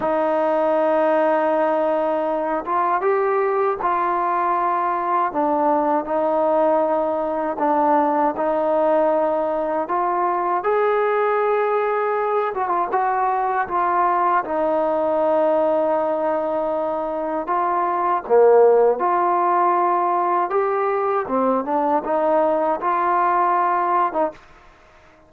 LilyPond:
\new Staff \with { instrumentName = "trombone" } { \time 4/4 \tempo 4 = 79 dis'2.~ dis'8 f'8 | g'4 f'2 d'4 | dis'2 d'4 dis'4~ | dis'4 f'4 gis'2~ |
gis'8 fis'16 f'16 fis'4 f'4 dis'4~ | dis'2. f'4 | ais4 f'2 g'4 | c'8 d'8 dis'4 f'4.~ f'16 dis'16 | }